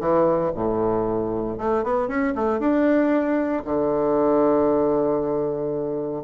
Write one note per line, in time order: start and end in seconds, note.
0.00 0.52 E3
0.55 1.58 A2
1.58 1.84 A3
1.84 2.08 B3
2.08 2.34 C#4
2.35 2.60 A3
2.60 3.63 D4
3.65 6.24 D3